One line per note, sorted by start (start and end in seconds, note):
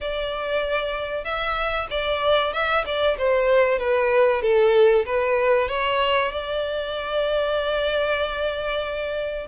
0.01 1.24 D5
1.24 1.87 E5
1.90 2.53 D5
2.53 2.84 E5
2.85 3.17 D5
3.18 3.78 C5
3.78 4.42 B4
4.42 5.05 A4
5.05 5.68 B4
5.68 6.31 C#5
6.31 9.47 D5